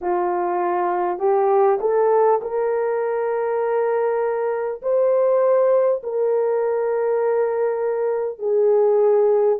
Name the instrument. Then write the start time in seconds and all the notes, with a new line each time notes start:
horn
0.01 F4
1.18 G4
1.80 A4
2.41 A#4
4.82 C5
6.03 A#4
8.38 G#4